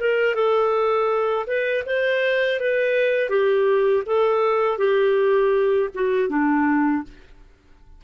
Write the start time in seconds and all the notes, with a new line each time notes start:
0.00 A#4
0.35 A4
1.47 B4
1.86 C5
2.60 B4
3.30 G4
4.06 A4
4.78 G4
5.94 F#4
6.29 D4